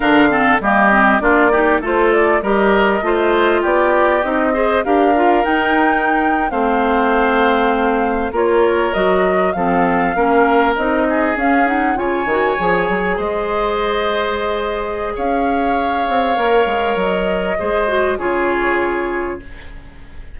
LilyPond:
<<
  \new Staff \with { instrumentName = "flute" } { \time 4/4 \tempo 4 = 99 f''4 dis''4 d''4 c''8 d''8 | dis''2 d''4 dis''4 | f''4 g''4.~ g''16 f''4~ f''16~ | f''4.~ f''16 cis''4 dis''4 f''16~ |
f''4.~ f''16 dis''4 f''8 fis''8 gis''16~ | gis''4.~ gis''16 dis''2~ dis''16~ | dis''4 f''2. | dis''2 cis''2 | }
  \new Staff \with { instrumentName = "oboe" } { \time 4/4 ais'8 a'8 g'4 f'8 g'8 a'4 | ais'4 c''4 g'4. c''8 | ais'2~ ais'8. c''4~ c''16~ | c''4.~ c''16 ais'2 a'16~ |
a'8. ais'4. gis'4. cis''16~ | cis''4.~ cis''16 c''2~ c''16~ | c''4 cis''2.~ | cis''4 c''4 gis'2 | }
  \new Staff \with { instrumentName = "clarinet" } { \time 4/4 d'8 c'8 ais8 c'8 d'8 dis'8 f'4 | g'4 f'2 dis'8 gis'8 | g'8 f'8 dis'4.~ dis'16 c'4~ c'16~ | c'4.~ c'16 f'4 fis'4 c'16~ |
c'8. cis'4 dis'4 cis'8 dis'8 f'16~ | f'16 fis'8 gis'2.~ gis'16~ | gis'2. ais'4~ | ais'4 gis'8 fis'8 f'2 | }
  \new Staff \with { instrumentName = "bassoon" } { \time 4/4 d4 g4 ais4 a4 | g4 a4 b4 c'4 | d'4 dis'4.~ dis'16 a4~ a16~ | a4.~ a16 ais4 fis4 f16~ |
f8. ais4 c'4 cis'4 cis16~ | cis16 dis8 f8 fis8 gis2~ gis16~ | gis4 cis'4. c'8 ais8 gis8 | fis4 gis4 cis2 | }
>>